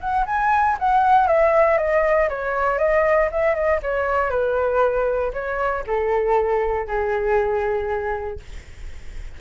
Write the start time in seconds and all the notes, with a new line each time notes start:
0.00 F#5
0.26 G#5
0.79 F#5
1.27 E5
1.78 D#5
2.29 C#5
2.78 D#5
3.31 E5
3.55 D#5
3.82 C#5
4.30 B4
5.33 C#5
5.86 A4
6.87 G#4